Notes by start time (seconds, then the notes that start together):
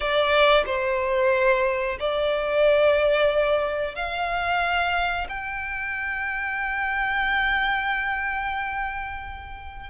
0.00 D5
0.66 C5
1.99 D5
3.95 F5
5.28 G5